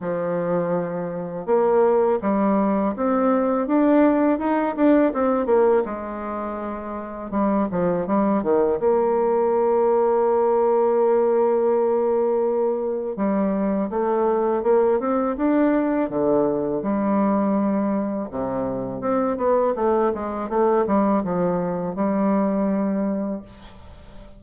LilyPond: \new Staff \with { instrumentName = "bassoon" } { \time 4/4 \tempo 4 = 82 f2 ais4 g4 | c'4 d'4 dis'8 d'8 c'8 ais8 | gis2 g8 f8 g8 dis8 | ais1~ |
ais2 g4 a4 | ais8 c'8 d'4 d4 g4~ | g4 c4 c'8 b8 a8 gis8 | a8 g8 f4 g2 | }